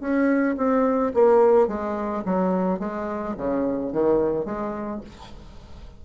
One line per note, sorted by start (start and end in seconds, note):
0.00 0.56 C#4
0.58 1.13 C4
1.14 1.68 A#3
1.68 2.23 G#3
2.25 2.79 F#3
2.79 3.35 G#3
3.37 3.92 C#3
3.92 4.45 D#3
4.45 5.01 G#3